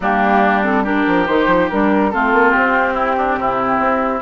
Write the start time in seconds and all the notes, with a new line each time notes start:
0.00 G3 A#3 D4 G4
0.63 C4 A4
0.83 D4 G4 A#4
1.06 F3
1.26 D#3 D#4 C5
1.47 F3
1.69 G3 D4 A#4
2.11 A3 C4 F4 A4
2.32 A#3
2.50 C4 G4
2.93 E4
3.17 D4
3.36 C3 E4
3.79 C4